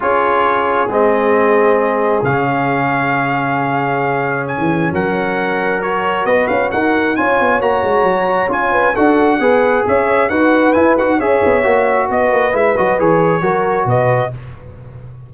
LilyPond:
<<
  \new Staff \with { instrumentName = "trumpet" } { \time 4/4 \tempo 4 = 134 cis''2 dis''2~ | dis''4 f''2.~ | f''2 gis''4 fis''4~ | fis''4 cis''4 dis''8 f''8 fis''4 |
gis''4 ais''2 gis''4 | fis''2 e''4 fis''4 | gis''8 fis''8 e''2 dis''4 | e''8 dis''8 cis''2 dis''4 | }
  \new Staff \with { instrumentName = "horn" } { \time 4/4 gis'1~ | gis'1~ | gis'2. ais'4~ | ais'2 b'4 ais'4 |
cis''2.~ cis''8 b'8 | a'4 b'4 cis''4 b'4~ | b'4 cis''2 b'4~ | b'2 ais'4 b'4 | }
  \new Staff \with { instrumentName = "trombone" } { \time 4/4 f'2 c'2~ | c'4 cis'2.~ | cis'1~ | cis'4 fis'2. |
f'4 fis'2 f'4 | fis'4 gis'2 fis'4 | e'8 fis'8 gis'4 fis'2 | e'8 fis'8 gis'4 fis'2 | }
  \new Staff \with { instrumentName = "tuba" } { \time 4/4 cis'2 gis2~ | gis4 cis2.~ | cis2~ cis16 e8. fis4~ | fis2 b8 cis'8 dis'4 |
cis'8 b8 ais8 gis8 fis4 cis'4 | d'4 b4 cis'4 dis'4 | e'8 dis'8 cis'8 b8 ais4 b8 ais8 | gis8 fis8 e4 fis4 b,4 | }
>>